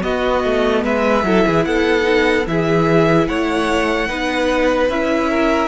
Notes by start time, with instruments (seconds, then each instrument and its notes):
0.00 viola B3, cello B3, violin F#4 D#5
0.44 cello A3
0.84 cello G#3, violin B4 E5
1.23 cello F#3, viola E4, violin A4
1.46 cello E3, violin G#4
1.65 cello B3, violin A4 F#5
2.02 viola D#4
2.46 cello E3, viola E4, violin G#4 E5
3.27 cello A3, violin C#5 F#5
4.07 cello B3, viola D#4, violin B4
4.89 cello C#4, viola E4, violin E5
5.29 violin A#4